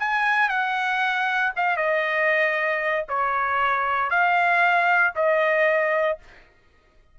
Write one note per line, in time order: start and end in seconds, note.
0.00 0.49 G#5
0.49 1.53 F#5
1.57 1.77 F5
1.77 3.06 D#5
3.09 4.11 C#5
4.11 5.14 F5
5.16 6.19 D#5